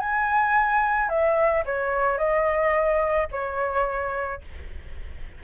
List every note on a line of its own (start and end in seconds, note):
0.00 1.09 G#5
1.09 1.64 E5
1.66 2.18 C#5
2.18 3.28 D#5
3.32 4.42 C#5